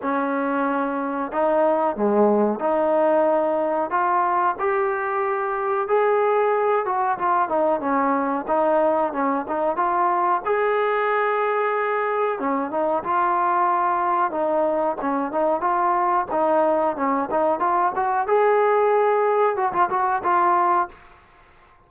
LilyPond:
\new Staff \with { instrumentName = "trombone" } { \time 4/4 \tempo 4 = 92 cis'2 dis'4 gis4 | dis'2 f'4 g'4~ | g'4 gis'4. fis'8 f'8 dis'8 | cis'4 dis'4 cis'8 dis'8 f'4 |
gis'2. cis'8 dis'8 | f'2 dis'4 cis'8 dis'8 | f'4 dis'4 cis'8 dis'8 f'8 fis'8 | gis'2 fis'16 f'16 fis'8 f'4 | }